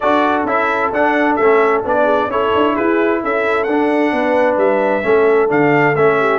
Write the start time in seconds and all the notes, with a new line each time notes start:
0.00 D4 F#4 A4 D5
0.45 C#4 E4 E5
0.92 D4 F#5
1.35 A3 C#4 E5
1.84 B3 D4 D5
2.04 G#4
2.26 C#4 E4 A4 C#5
2.54 D4
2.74 E4 G#4 B4
3.23 C#4 A4 E5
3.63 D4 F#5
3.70 D4
4.12 B3 B4
4.57 G3 E5
5.02 A3 C#4 A4
5.48 D3 D4 F5
5.95 A3 C#4 E5
6.19 G4